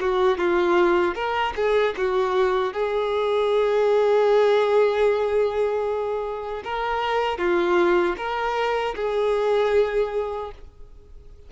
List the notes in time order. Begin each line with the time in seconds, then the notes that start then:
0.00 F#4
0.38 F4
1.14 A#4
1.55 G#4
1.97 F#4
2.73 G#4
6.64 A#4
7.38 F4
8.17 A#4
8.95 G#4